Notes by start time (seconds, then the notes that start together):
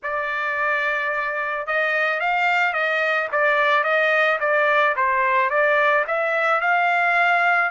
0.03 D5
1.67 D#5
2.20 F5
2.73 D#5
3.32 D5
3.83 D#5
4.40 D5
4.95 C5
5.49 D5
6.07 E5
6.61 F5